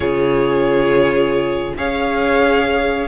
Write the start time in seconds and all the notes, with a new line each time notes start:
0.00 C#3 F4 G#4 C#5
1.77 C#4 G#4 C#5 F5